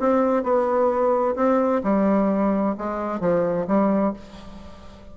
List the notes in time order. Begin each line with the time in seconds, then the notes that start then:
0.00 C4
0.43 B3
1.36 C4
1.84 G3
2.78 G#3
3.20 F3
3.67 G3